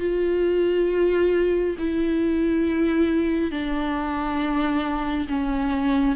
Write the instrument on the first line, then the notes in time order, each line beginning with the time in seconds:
viola
0.00 F4
1.79 E4
3.52 D4
5.29 C#4